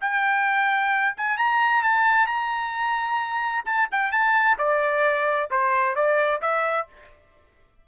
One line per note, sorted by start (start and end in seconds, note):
0.00 1.15 G5
1.17 1.37 G#5
1.37 1.83 A#5
1.83 2.26 A5
2.26 3.64 A#5
3.65 3.88 A5
3.91 4.11 G5
4.11 4.57 A5
4.58 5.49 D5
5.50 5.95 C5
5.95 6.41 D5
6.41 6.87 E5